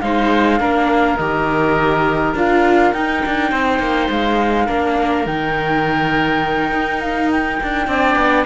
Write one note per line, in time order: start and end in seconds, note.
0.00 0.60 G#3
0.00 0.59 D#4
0.00 0.60 C5
0.00 1.17 F5
0.59 1.18 A#3
0.59 1.17 D4
0.59 3.50 A#4
1.17 2.34 D#3
1.17 2.36 G4
1.17 2.33 D#5
2.34 2.92 D4
2.34 2.93 F4
2.34 2.92 F5
2.92 4.67 D#4
2.92 3.23 D#4
2.92 4.09 G5
3.25 3.51 D4
3.50 3.79 C4
3.50 4.66 C5
3.79 4.08 A#3
4.10 4.68 G#3
4.10 5.26 F5
4.66 5.26 A#3
4.66 5.25 D4
4.66 7.86 A#4
5.26 6.71 D#3
5.26 7.88 D#4
5.26 7.01 G5
6.71 7.59 D#4
7.01 7.30 F5
7.31 8.45 G5
7.63 7.87 D4
7.87 8.15 C4
7.87 8.45 D4
7.87 8.45 D5
8.15 8.45 B3